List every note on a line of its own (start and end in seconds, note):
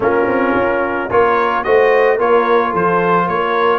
0.00 0.25 A#3
0.00 1.09 C#4
0.00 1.11 F4
0.00 1.11 A#4
0.27 0.55 C4
0.55 1.09 C#4
1.10 1.65 A#3
1.10 1.64 F4
1.10 1.65 A#4
1.10 1.63 C#5
1.63 2.19 A3
1.63 2.18 F#4
1.63 2.16 C5
1.63 2.18 D#5
2.16 2.73 A#3
2.16 3.79 F4
2.16 2.70 A#4
2.16 2.74 C#5
2.70 3.28 F3
2.70 3.25 A4
2.70 3.28 C5
3.26 3.79 A#3
3.26 3.79 A#4
3.26 3.79 C#5